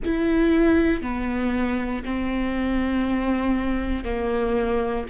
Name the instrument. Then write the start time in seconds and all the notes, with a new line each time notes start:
viola
0.04 E4
1.02 B3
2.04 C4
4.04 A#3